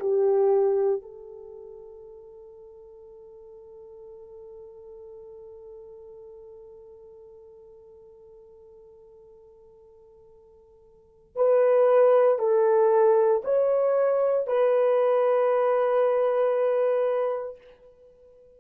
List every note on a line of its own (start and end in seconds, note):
0.00 1.02 G4
1.02 11.36 A4
11.36 12.39 B4
12.39 13.42 A4
13.44 14.47 C#5
14.47 17.57 B4